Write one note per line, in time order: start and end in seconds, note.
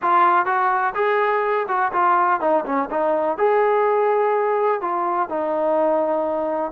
0.02 0.45 F4
0.45 0.93 F#4
0.94 1.66 G#4
1.68 1.92 F#4
1.92 2.40 F4
2.40 2.64 D#4
2.65 2.89 C#4
2.90 3.37 D#4
3.37 4.81 G#4
4.81 5.29 F4
5.29 6.71 D#4